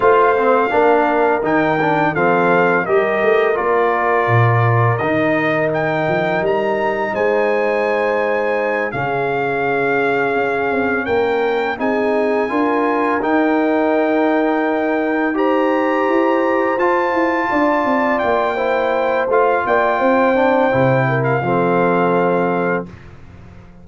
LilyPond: <<
  \new Staff \with { instrumentName = "trumpet" } { \time 4/4 \tempo 4 = 84 f''2 g''4 f''4 | dis''4 d''2 dis''4 | g''4 ais''4 gis''2~ | gis''8 f''2. g''8~ |
g''8 gis''2 g''4.~ | g''4. ais''2 a''8~ | a''4. g''4. f''8 g''8~ | g''4.~ g''16 f''2~ f''16 | }
  \new Staff \with { instrumentName = "horn" } { \time 4/4 c''4 ais'2 a'4 | ais'1~ | ais'2 c''2~ | c''8 gis'2. ais'8~ |
ais'8 gis'4 ais'2~ ais'8~ | ais'4. c''2~ c''8~ | c''8 d''4. c''4. d''8 | c''4. ais'8 a'2 | }
  \new Staff \with { instrumentName = "trombone" } { \time 4/4 f'8 c'8 d'4 dis'8 d'8 c'4 | g'4 f'2 dis'4~ | dis'1~ | dis'8 cis'2.~ cis'8~ |
cis'8 dis'4 f'4 dis'4.~ | dis'4. g'2 f'8~ | f'2 e'4 f'4~ | f'8 d'8 e'4 c'2 | }
  \new Staff \with { instrumentName = "tuba" } { \time 4/4 a4 ais4 dis4 f4 | g8 a8 ais4 ais,4 dis4~ | dis8 f8 g4 gis2~ | gis8 cis2 cis'8 c'8 ais8~ |
ais8 c'4 d'4 dis'4.~ | dis'2~ dis'8 e'4 f'8 | e'8 d'8 c'8 ais4. a8 ais8 | c'4 c4 f2 | }
>>